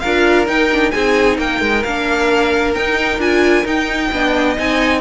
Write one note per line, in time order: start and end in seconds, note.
0.00 0.47 D4
0.00 0.48 F4
0.00 0.93 A#4
0.00 0.45 F5
0.47 0.93 D#4
0.47 0.71 D#4
0.47 0.91 G5
0.73 0.93 D4
0.91 1.39 C4
0.91 1.84 D#4
0.91 1.38 G#4
0.91 1.37 G#5
1.38 1.61 A#3
1.38 4.11 A#4
1.38 1.84 G5
1.61 1.84 G#3
1.84 2.76 A#3
1.84 2.76 D4
1.84 2.75 F5
2.75 3.20 D#4
2.75 3.19 D#4
2.75 3.20 G5
3.19 3.64 D4
3.19 3.65 F4
3.19 3.67 G#5
3.65 4.11 D#4
3.65 4.58 G5
4.12 4.58 B3
4.12 4.57 D4
4.12 5.01 D#5
4.57 5.01 C4
4.57 5.01 D#4
4.57 5.01 G#5